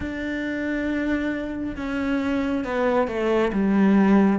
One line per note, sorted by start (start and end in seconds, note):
0.00 1.76 D4
1.76 2.64 C#4
2.64 3.07 B3
3.07 3.51 A3
3.53 4.39 G3